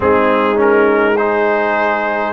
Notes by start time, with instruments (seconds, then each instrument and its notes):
0.00 tuba G#3, trombone C4, horn D#4, trumpet G#4
0.55 trombone C#4, trumpet A#4
1.17 trombone D#4, horn G#4, trumpet C5